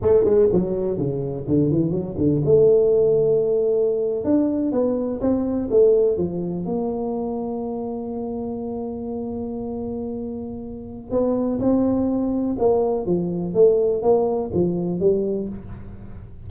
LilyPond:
\new Staff \with { instrumentName = "tuba" } { \time 4/4 \tempo 4 = 124 a8 gis8 fis4 cis4 d8 e8 | fis8 d8 a2.~ | a8. d'4 b4 c'4 a16~ | a8. f4 ais2~ ais16~ |
ais1~ | ais2. b4 | c'2 ais4 f4 | a4 ais4 f4 g4 | }